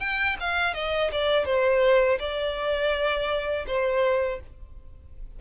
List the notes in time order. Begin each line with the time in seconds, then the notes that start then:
0.00 G5
0.40 F5
0.74 D#5
1.12 D5
1.46 C5
2.19 D5
3.67 C5